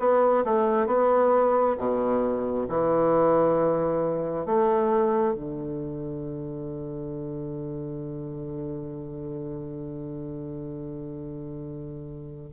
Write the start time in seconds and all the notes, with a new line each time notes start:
0.00 B3
0.45 A3
0.87 B3
1.78 B2
2.69 E3
4.47 A3
5.35 D3